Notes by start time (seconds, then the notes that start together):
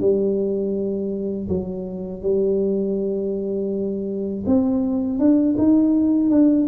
0.00 G3
1.48 F#3
2.22 G3
4.46 C4
5.19 D4
5.58 D#4
6.30 D4